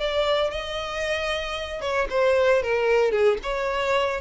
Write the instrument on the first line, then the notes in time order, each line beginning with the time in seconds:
violin
0.00 D5
0.51 D#5
1.81 C#5
2.10 C5
2.63 A#4
3.12 G#4
3.43 C#5